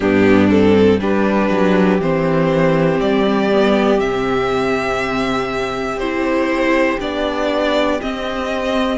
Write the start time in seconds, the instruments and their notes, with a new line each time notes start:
0.00 cello G2, viola B3, violin D4 G4
0.48 viola C4, violin A4
0.99 cello G3, viola D4, violin G4 B4
1.50 cello F#3
1.99 cello E3, viola C4, violin C5
3.00 cello G3, violin D5
3.52 viola B3
3.98 cello C3, viola C4, violin E5
5.96 cello C4, viola E4, violin C5
6.99 cello B3, viola D4, violin D5
8.00 viola C4, cello C4, violin D#5